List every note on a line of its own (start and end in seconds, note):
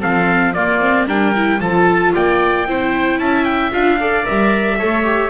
0.00 0.57 F3
0.00 0.53 C4
0.00 0.53 A4
0.00 0.54 F5
0.54 0.81 A#3
0.54 1.06 A#3
0.54 1.07 F4
0.54 1.07 D5
0.81 1.07 C4
1.06 1.59 G3
1.06 1.34 D4
1.06 1.60 A#4
1.06 1.61 G5
1.36 1.60 E4
1.60 2.13 F3
1.60 2.66 F4
1.60 2.14 A4
1.60 2.14 A5
2.14 2.67 A#3
2.14 2.67 D5
2.14 3.20 G5
2.67 3.19 C4
2.67 3.72 E4
2.67 3.20 C5
3.19 3.72 C#4
3.19 4.00 E5
3.19 3.45 A5
3.45 3.71 G5
3.72 4.27 D4
3.72 3.98 F4
3.72 4.26 F5
4.00 4.24 A4
4.00 4.78 D5
4.24 4.82 G3
4.24 4.77 A#4
4.24 5.30 E5
4.78 5.30 A3
4.78 5.04 A4
4.78 5.30 C#5
5.04 5.30 G4